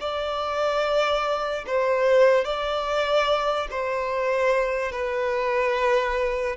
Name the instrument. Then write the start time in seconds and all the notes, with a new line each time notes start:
violin
0.00 D5
1.67 C5
2.44 D5
3.71 C5
4.92 B4